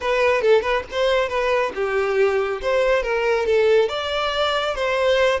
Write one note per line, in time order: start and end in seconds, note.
0.01 0.41 B4
0.41 0.61 A4
0.61 0.83 B4
0.91 1.29 C5
1.29 1.72 B4
1.74 2.61 G4
2.61 3.02 C5
3.02 3.46 A#4
3.46 3.88 A4
3.88 4.75 D5
4.75 5.40 C5